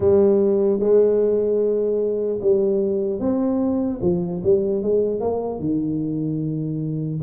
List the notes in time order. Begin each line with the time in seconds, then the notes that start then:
0.00 G3
0.79 G#3
2.41 G3
3.19 C4
4.01 F3
4.43 G3
4.82 G#3
5.20 A#3
5.59 D#3